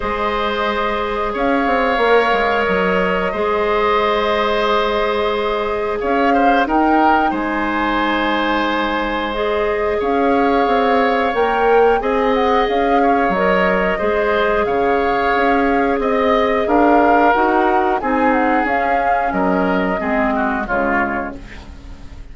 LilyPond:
<<
  \new Staff \with { instrumentName = "flute" } { \time 4/4 \tempo 4 = 90 dis''2 f''2 | dis''1~ | dis''4 f''4 g''4 gis''4~ | gis''2 dis''4 f''4~ |
f''4 g''4 gis''8 fis''8 f''4 | dis''2 f''2 | dis''4 f''4 fis''4 gis''8 fis''8 | f''4 dis''2 cis''4 | }
  \new Staff \with { instrumentName = "oboe" } { \time 4/4 c''2 cis''2~ | cis''4 c''2.~ | c''4 cis''8 c''8 ais'4 c''4~ | c''2. cis''4~ |
cis''2 dis''4. cis''8~ | cis''4 c''4 cis''2 | dis''4 ais'2 gis'4~ | gis'4 ais'4 gis'8 fis'8 f'4 | }
  \new Staff \with { instrumentName = "clarinet" } { \time 4/4 gis'2. ais'4~ | ais'4 gis'2.~ | gis'2 dis'2~ | dis'2 gis'2~ |
gis'4 ais'4 gis'2 | ais'4 gis'2.~ | gis'2 fis'4 dis'4 | cis'2 c'4 gis4 | }
  \new Staff \with { instrumentName = "bassoon" } { \time 4/4 gis2 cis'8 c'8 ais8 gis8 | fis4 gis2.~ | gis4 cis'4 dis'4 gis4~ | gis2. cis'4 |
c'4 ais4 c'4 cis'4 | fis4 gis4 cis4 cis'4 | c'4 d'4 dis'4 c'4 | cis'4 fis4 gis4 cis4 | }
>>